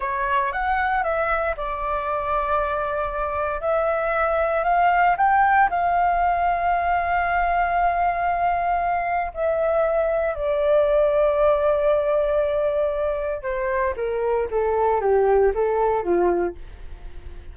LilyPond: \new Staff \with { instrumentName = "flute" } { \time 4/4 \tempo 4 = 116 cis''4 fis''4 e''4 d''4~ | d''2. e''4~ | e''4 f''4 g''4 f''4~ | f''1~ |
f''2 e''2 | d''1~ | d''2 c''4 ais'4 | a'4 g'4 a'4 f'4 | }